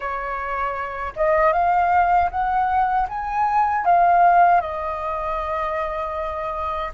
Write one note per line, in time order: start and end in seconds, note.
0.00 1.13 C#5
1.16 1.52 D#5
1.52 2.29 F5
2.30 3.07 F#5
3.08 3.85 G#5
3.85 4.60 F5
4.60 6.91 D#5